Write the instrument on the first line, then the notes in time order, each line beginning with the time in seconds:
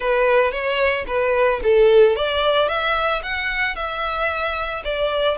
violin
0.00 B4
0.51 C#5
1.07 B4
1.63 A4
2.16 D5
2.68 E5
3.23 F#5
3.75 E5
4.84 D5